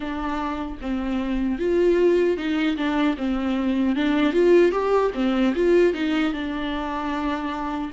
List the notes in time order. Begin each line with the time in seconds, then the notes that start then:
0.00 D4
0.81 C4
1.59 F4
2.37 D#4
2.76 D4
3.17 C4
3.95 D4
4.32 F4
4.71 G4
5.14 C4
5.55 F4
5.93 D#4
6.33 D4